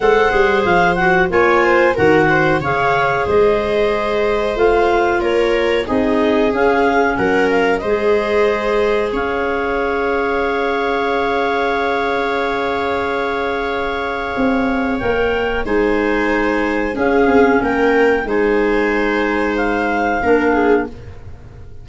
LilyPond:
<<
  \new Staff \with { instrumentName = "clarinet" } { \time 4/4 \tempo 4 = 92 fis''4 f''8 fis''8 gis''4 fis''4 | f''4 dis''2 f''4 | cis''4 dis''4 f''4 fis''8 f''8 | dis''2 f''2~ |
f''1~ | f''2. g''4 | gis''2 f''4 g''4 | gis''2 f''2 | }
  \new Staff \with { instrumentName = "viola" } { \time 4/4 c''2 cis''8 c''8 ais'8 c''8 | cis''4 c''2. | ais'4 gis'2 ais'4 | c''2 cis''2~ |
cis''1~ | cis''1 | c''2 gis'4 ais'4 | c''2. ais'8 gis'8 | }
  \new Staff \with { instrumentName = "clarinet" } { \time 4/4 a'8 gis'4 fis'8 f'4 fis'4 | gis'2. f'4~ | f'4 dis'4 cis'2 | gis'1~ |
gis'1~ | gis'2. ais'4 | dis'2 cis'2 | dis'2. d'4 | }
  \new Staff \with { instrumentName = "tuba" } { \time 4/4 gis8 g8 f4 ais4 dis4 | cis4 gis2 a4 | ais4 c'4 cis'4 fis4 | gis2 cis'2~ |
cis'1~ | cis'2 c'4 ais4 | gis2 cis'8 c'8 ais4 | gis2. ais4 | }
>>